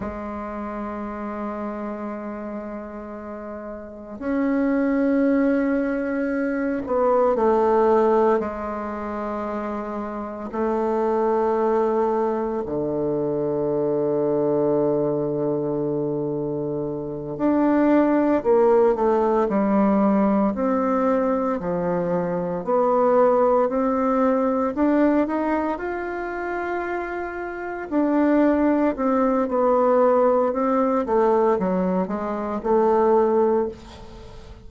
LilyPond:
\new Staff \with { instrumentName = "bassoon" } { \time 4/4 \tempo 4 = 57 gis1 | cis'2~ cis'8 b8 a4 | gis2 a2 | d1~ |
d8 d'4 ais8 a8 g4 c'8~ | c'8 f4 b4 c'4 d'8 | dis'8 f'2 d'4 c'8 | b4 c'8 a8 fis8 gis8 a4 | }